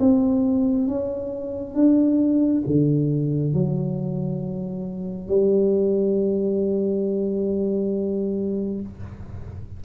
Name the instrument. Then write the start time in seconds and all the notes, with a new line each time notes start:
tuba
0.00 C4
0.88 C#4
1.75 D4
2.67 D3
3.54 F#3
5.28 G3